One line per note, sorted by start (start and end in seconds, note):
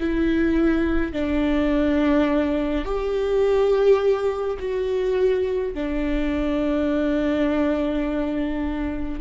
0.00 1.13 E4
1.13 2.85 D4
2.85 4.58 G4
4.59 5.74 F#4
5.74 9.20 D4